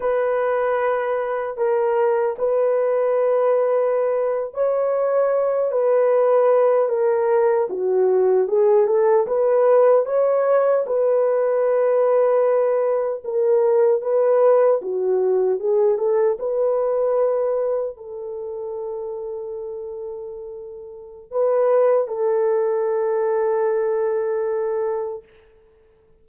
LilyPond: \new Staff \with { instrumentName = "horn" } { \time 4/4 \tempo 4 = 76 b'2 ais'4 b'4~ | b'4.~ b'16 cis''4. b'8.~ | b'8. ais'4 fis'4 gis'8 a'8 b'16~ | b'8. cis''4 b'2~ b'16~ |
b'8. ais'4 b'4 fis'4 gis'16~ | gis'16 a'8 b'2 a'4~ a'16~ | a'2. b'4 | a'1 | }